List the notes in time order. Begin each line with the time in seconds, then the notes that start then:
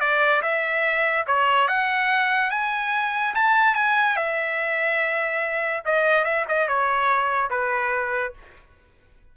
0.00 D5
0.42 E5
1.27 C#5
1.68 F#5
2.51 G#5
3.35 A5
3.75 G#5
4.17 E5
5.85 D#5
6.24 E5
6.49 D#5
6.68 C#5
7.50 B4